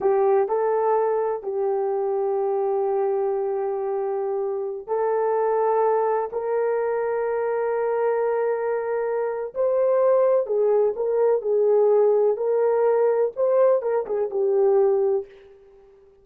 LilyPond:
\new Staff \with { instrumentName = "horn" } { \time 4/4 \tempo 4 = 126 g'4 a'2 g'4~ | g'1~ | g'2~ g'16 a'4.~ a'16~ | a'4~ a'16 ais'2~ ais'8.~ |
ais'1 | c''2 gis'4 ais'4 | gis'2 ais'2 | c''4 ais'8 gis'8 g'2 | }